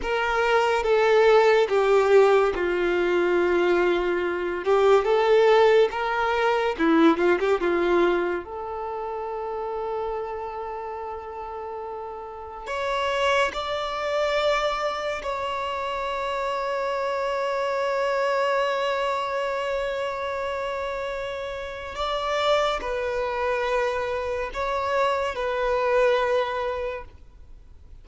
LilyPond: \new Staff \with { instrumentName = "violin" } { \time 4/4 \tempo 4 = 71 ais'4 a'4 g'4 f'4~ | f'4. g'8 a'4 ais'4 | e'8 f'16 g'16 f'4 a'2~ | a'2. cis''4 |
d''2 cis''2~ | cis''1~ | cis''2 d''4 b'4~ | b'4 cis''4 b'2 | }